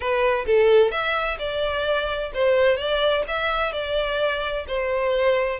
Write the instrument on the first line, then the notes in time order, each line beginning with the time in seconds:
violin
0.00 B4
0.46 A4
0.91 E5
1.38 D5
2.34 C5
2.76 D5
3.27 E5
3.72 D5
4.67 C5